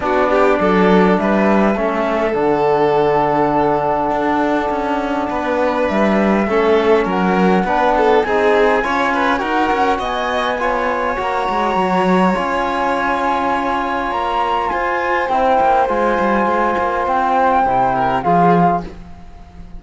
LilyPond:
<<
  \new Staff \with { instrumentName = "flute" } { \time 4/4 \tempo 4 = 102 d''2 e''2 | fis''1~ | fis''2 e''2 | fis''2 gis''2 |
fis''4 gis''2 ais''4~ | ais''4 gis''2. | ais''4 gis''4 g''4 gis''4~ | gis''4 g''2 f''4 | }
  \new Staff \with { instrumentName = "violin" } { \time 4/4 fis'8 g'8 a'4 b'4 a'4~ | a'1~ | a'4 b'2 a'4 | ais'4 b'8 a'8 gis'4 cis''8 b'8 |
ais'4 dis''4 cis''2~ | cis''1~ | cis''4 c''2.~ | c''2~ c''8 ais'8 gis'4 | }
  \new Staff \with { instrumentName = "trombone" } { \time 4/4 d'2. cis'4 | d'1~ | d'2. cis'4~ | cis'4 d'4 dis'4 f'4 |
fis'2 f'4 fis'4~ | fis'4 f'2.~ | f'2 e'4 f'4~ | f'2 e'4 f'4 | }
  \new Staff \with { instrumentName = "cello" } { \time 4/4 b4 fis4 g4 a4 | d2. d'4 | cis'4 b4 g4 a4 | fis4 b4 c'4 cis'4 |
dis'8 cis'8 b2 ais8 gis8 | fis4 cis'2. | ais4 f'4 c'8 ais8 gis8 g8 | gis8 ais8 c'4 c4 f4 | }
>>